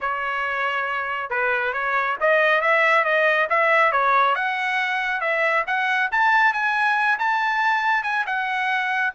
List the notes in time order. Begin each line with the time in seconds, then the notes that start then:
0.00 C#5
1.30 B4
1.73 C#5
2.20 D#5
2.61 E5
3.04 D#5
3.49 E5
3.92 C#5
4.35 F#5
5.21 E5
5.66 F#5
6.11 A5
6.53 G#5
7.18 A5
8.03 G#5
8.26 F#5